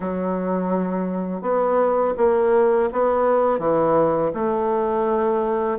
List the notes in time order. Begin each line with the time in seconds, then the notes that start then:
0.00 F#3
1.41 B3
2.17 A#3
2.92 B3
3.58 E3
4.34 A3